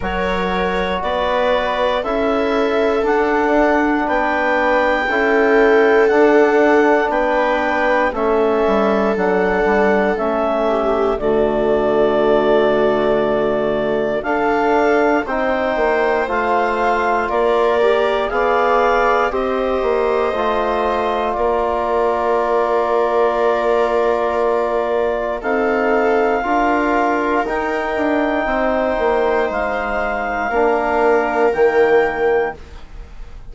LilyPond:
<<
  \new Staff \with { instrumentName = "clarinet" } { \time 4/4 \tempo 4 = 59 cis''4 d''4 e''4 fis''4 | g''2 fis''4 g''4 | e''4 fis''4 e''4 d''4~ | d''2 f''4 g''4 |
f''4 d''4 f''4 dis''4~ | dis''4 d''2.~ | d''4 f''2 g''4~ | g''4 f''2 g''4 | }
  \new Staff \with { instrumentName = "viola" } { \time 4/4 ais'4 b'4 a'2 | b'4 a'2 b'4 | a'2~ a'8 g'8 fis'4~ | fis'2 a'4 c''4~ |
c''4 ais'4 d''4 c''4~ | c''4 ais'2.~ | ais'4 a'4 ais'2 | c''2 ais'2 | }
  \new Staff \with { instrumentName = "trombone" } { \time 4/4 fis'2 e'4 d'4~ | d'4 e'4 d'2 | cis'4 d'4 cis'4 a4~ | a2 d'4 dis'4 |
f'4. g'8 gis'4 g'4 | f'1~ | f'4 dis'4 f'4 dis'4~ | dis'2 d'4 ais4 | }
  \new Staff \with { instrumentName = "bassoon" } { \time 4/4 fis4 b4 cis'4 d'4 | b4 cis'4 d'4 b4 | a8 g8 fis8 g8 a4 d4~ | d2 d'4 c'8 ais8 |
a4 ais4 b4 c'8 ais8 | a4 ais2.~ | ais4 c'4 d'4 dis'8 d'8 | c'8 ais8 gis4 ais4 dis4 | }
>>